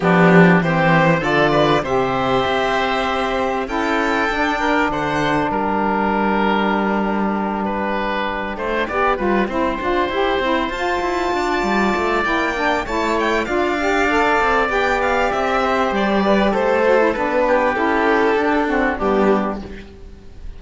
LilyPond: <<
  \new Staff \with { instrumentName = "violin" } { \time 4/4 \tempo 4 = 98 g'4 c''4 d''4 e''4~ | e''2 g''2 | fis''4 g''2.~ | g''1~ |
g''4. a''2~ a''8 | g''4 a''8 g''8 f''2 | g''8 f''8 e''4 d''4 c''4 | b'4 a'2 g'4 | }
  \new Staff \with { instrumentName = "oboe" } { \time 4/4 d'4 g'4 a'8 b'8 c''4~ | c''2 a'4. ais'8 | c''4 ais'2.~ | ais'8 b'4. c''8 d''8 b'8 c''8~ |
c''2~ c''8 d''4.~ | d''4 cis''4 d''2~ | d''4. c''4 b'8 a'4~ | a'8 g'2 fis'8 d'4 | }
  \new Staff \with { instrumentName = "saxophone" } { \time 4/4 b4 c'4 f'4 g'4~ | g'2 e'4 d'4~ | d'1~ | d'2~ d'8 g'8 f'8 e'8 |
f'8 g'8 e'8 f'2~ f'8 | e'8 d'8 e'4 f'8 g'8 a'4 | g'2.~ g'8 fis'16 e'16 | d'4 e'4 d'8 c'8 b4 | }
  \new Staff \with { instrumentName = "cello" } { \time 4/4 f4 e4 d4 c4 | c'2 cis'4 d'4 | d4 g2.~ | g2 a8 b8 g8 c'8 |
d'8 e'8 c'8 f'8 e'8 d'8 g8 a8 | ais4 a4 d'4. c'8 | b4 c'4 g4 a4 | b4 cis'4 d'4 g4 | }
>>